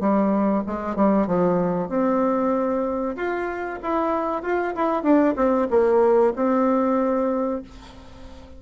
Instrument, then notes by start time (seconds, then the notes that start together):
bassoon
0.00 G3
0.67 G#3
0.96 G3
1.27 F3
1.89 C4
3.16 F4
3.82 E4
4.42 F4
4.75 E4
5.03 D4
5.36 C4
5.70 A#3
6.36 C4